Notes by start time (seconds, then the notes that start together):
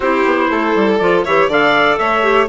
0.00 C4 E4 G4 C5
0.25 B3
0.50 A3 A4
0.75 G3
0.98 F3 F4 D5
1.24 E3 G4 C#5 E5
1.48 D3 A4 D5 F5
1.98 A3 C#5 E5
2.22 G4